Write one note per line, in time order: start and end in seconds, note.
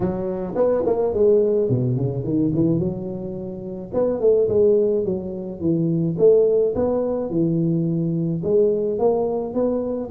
0.00 0.54 F#3
0.55 0.83 B3
0.86 1.13 A#3
1.13 1.69 G#3
1.69 1.96 B2
1.96 2.24 C#3
2.24 2.52 D#3
2.54 2.79 E3
2.79 3.91 F#3
3.93 4.20 B3
4.20 4.48 A3
4.48 5.04 G#3
5.04 5.60 F#3
5.60 6.16 E3
6.18 6.74 A3
6.75 7.29 B3
7.29 8.42 E3
8.43 8.98 G#3
8.98 9.54 A#3
9.54 10.10 B3